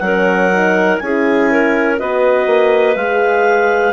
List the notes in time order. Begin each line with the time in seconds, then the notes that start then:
0.00 F#3 C#4 A#4 F#5
0.51 D#4
0.99 C#4 E4 G#4 G#5
1.51 A#4
1.98 B3 F#4 B4 D#5
2.47 A#3
2.96 G#3 G#4 F5